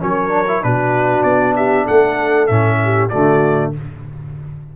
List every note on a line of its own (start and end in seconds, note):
0.00 0.64 F#3
0.00 0.30 C#4
0.00 0.64 A#4
0.00 0.64 C#5
0.30 0.45 D4
0.48 0.63 E4
0.63 1.24 B2
0.63 2.48 D4
0.63 1.57 F#4
0.63 1.23 B4
1.23 1.86 B3
1.23 1.54 D5
1.56 1.85 G4
1.56 1.87 E5
1.85 2.50 A3
1.85 2.78 A4
1.85 2.47 F#5
2.47 3.12 A2
2.47 3.11 C#4
2.47 3.09 E5
2.84 3.11 G4
3.10 3.77 D3
3.10 3.74 A3
3.10 3.72 F#4
3.10 3.72 D5